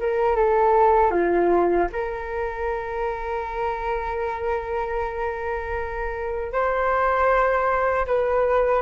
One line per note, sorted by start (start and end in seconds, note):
0.00 0.36 A#4
0.36 1.11 A4
1.11 1.88 F4
1.93 6.53 A#4
6.53 8.07 C5
8.07 8.83 B4